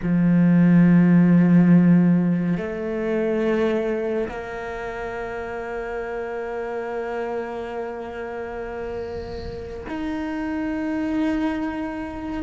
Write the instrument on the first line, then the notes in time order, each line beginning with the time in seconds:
cello
0.02 F3
2.57 A3
4.29 A#3
9.88 D#4